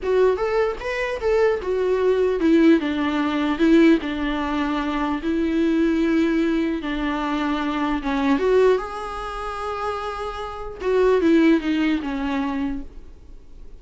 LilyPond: \new Staff \with { instrumentName = "viola" } { \time 4/4 \tempo 4 = 150 fis'4 a'4 b'4 a'4 | fis'2 e'4 d'4~ | d'4 e'4 d'2~ | d'4 e'2.~ |
e'4 d'2. | cis'4 fis'4 gis'2~ | gis'2. fis'4 | e'4 dis'4 cis'2 | }